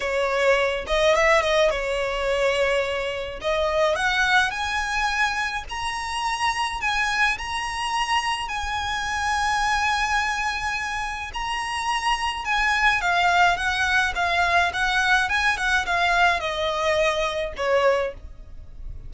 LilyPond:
\new Staff \with { instrumentName = "violin" } { \time 4/4 \tempo 4 = 106 cis''4. dis''8 e''8 dis''8 cis''4~ | cis''2 dis''4 fis''4 | gis''2 ais''2 | gis''4 ais''2 gis''4~ |
gis''1 | ais''2 gis''4 f''4 | fis''4 f''4 fis''4 gis''8 fis''8 | f''4 dis''2 cis''4 | }